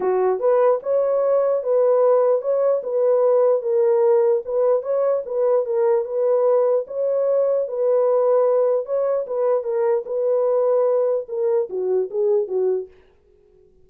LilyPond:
\new Staff \with { instrumentName = "horn" } { \time 4/4 \tempo 4 = 149 fis'4 b'4 cis''2 | b'2 cis''4 b'4~ | b'4 ais'2 b'4 | cis''4 b'4 ais'4 b'4~ |
b'4 cis''2 b'4~ | b'2 cis''4 b'4 | ais'4 b'2. | ais'4 fis'4 gis'4 fis'4 | }